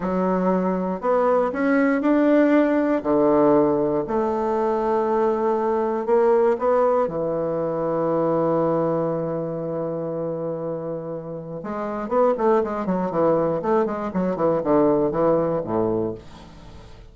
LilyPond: \new Staff \with { instrumentName = "bassoon" } { \time 4/4 \tempo 4 = 119 fis2 b4 cis'4 | d'2 d2 | a1 | ais4 b4 e2~ |
e1~ | e2. gis4 | b8 a8 gis8 fis8 e4 a8 gis8 | fis8 e8 d4 e4 a,4 | }